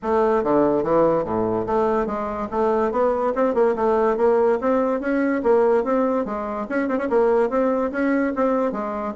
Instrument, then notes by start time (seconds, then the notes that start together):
bassoon
0.02 A3
0.43 D3
0.83 E3
1.24 A2
1.66 A3
2.06 G#3
2.50 A3
2.91 B3
3.35 C4
3.54 A#3
3.75 A3
4.17 A#3
4.60 C4
5.00 C#4
5.43 A#3
5.84 C4
6.25 G#3
6.69 C#4
6.88 C4
6.98 C#4
7.09 A#3
7.49 C4
7.91 C#4
8.35 C4
8.72 G#3